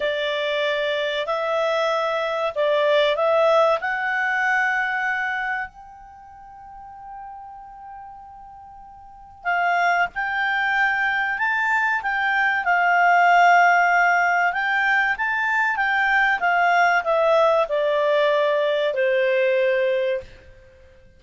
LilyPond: \new Staff \with { instrumentName = "clarinet" } { \time 4/4 \tempo 4 = 95 d''2 e''2 | d''4 e''4 fis''2~ | fis''4 g''2.~ | g''2. f''4 |
g''2 a''4 g''4 | f''2. g''4 | a''4 g''4 f''4 e''4 | d''2 c''2 | }